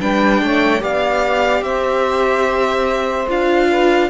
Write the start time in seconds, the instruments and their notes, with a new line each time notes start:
0.00 cello G3, viola D4, saxophone B4, violin G5
0.42 cello A3, saxophone C#5
0.80 cello B3, viola G4, saxophone D5, violin F5
1.61 cello C4, saxophone C5, violin E5
3.29 cello D4, viola F4, violin F5
3.69 saxophone B4